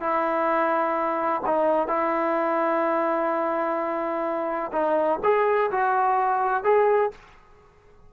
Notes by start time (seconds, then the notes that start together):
0.00 E4
1.46 D#4
1.88 E4
4.72 D#4
5.23 G#4
5.71 F#4
6.64 G#4